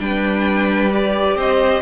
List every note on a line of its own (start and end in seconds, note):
0.00 1.36 G3
0.00 0.91 D4
0.00 1.37 B4
0.00 0.93 G5
0.91 1.82 G4
0.91 1.39 D5
1.36 1.82 C4
1.36 1.82 C5
1.36 1.82 D#5